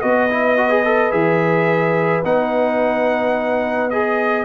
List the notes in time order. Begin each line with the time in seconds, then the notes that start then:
0.00 B3 F#4 B4 D#5
0.31 E4
0.58 F#4
0.70 G#4
0.85 A4
1.11 E3 G#4 E5
2.25 B3 D#4 F#5
3.91 G#4 D#5